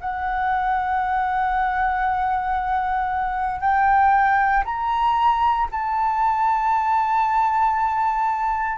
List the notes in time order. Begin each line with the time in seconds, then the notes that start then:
0.00 F#5
3.61 G5
4.65 A#5
5.71 A5